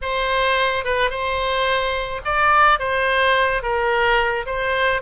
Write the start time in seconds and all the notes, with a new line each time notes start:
0.01 C5
0.84 B4
1.10 C5
2.24 D5
2.79 C5
3.62 A#4
4.45 C5